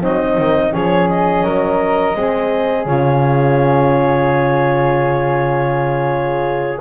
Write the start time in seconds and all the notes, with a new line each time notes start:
0.00 F#3 C4 D#4 D#5
0.37 D#3
0.71 F3 C#4 G#4 C#5
1.08 D#5
1.43 F#3 A#4
2.14 G#3 C4 G#4
2.85 C#3 F4 C#5